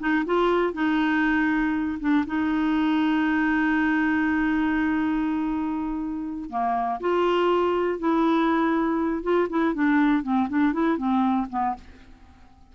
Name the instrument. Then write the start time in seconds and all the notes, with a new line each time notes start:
clarinet
0.00 D#4
0.25 F4
0.74 D#4
2.00 D4
2.27 D#4
6.50 A#3
7.00 F4
7.99 E4
9.23 F4
9.50 E4
9.74 D4
10.23 C4
10.49 D4
10.73 E4
10.97 C4
11.50 B3